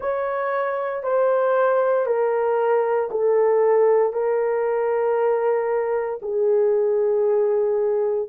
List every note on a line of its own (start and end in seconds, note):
0.00 1.03 C#5
1.03 2.05 C5
2.05 3.09 A#4
3.10 4.12 A4
4.12 6.19 A#4
6.22 8.29 G#4